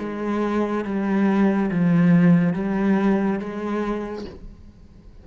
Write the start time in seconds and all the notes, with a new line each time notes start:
0.00 G#3
0.85 G3
1.71 F3
2.54 G3
3.40 G#3